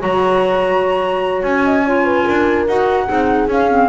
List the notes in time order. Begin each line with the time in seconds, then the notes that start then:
0.00 F#3 F#4 C#5 A#5
1.43 C#4 G#5
1.65 D#5
1.86 F4 C#5
2.05 B4
2.25 D4 A#4
2.67 D#4 F#4 F#5
3.07 C4 D#4 G#4
3.48 C#4 F5
3.70 C4